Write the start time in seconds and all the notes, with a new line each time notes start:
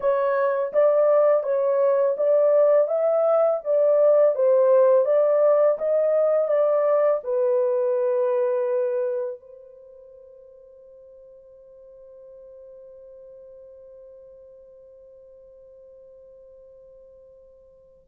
0.00 C#5
0.72 D5
1.43 C#5
2.17 D5
2.87 E5
3.64 D5
4.35 C5
5.05 D5
5.78 D#5
6.48 D5
7.23 B4
9.39 C5